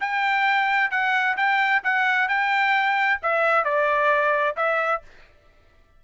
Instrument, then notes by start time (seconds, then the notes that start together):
trumpet
0.00 G5
0.90 F#5
1.36 G5
1.83 F#5
2.28 G5
3.22 E5
3.64 D5
4.56 E5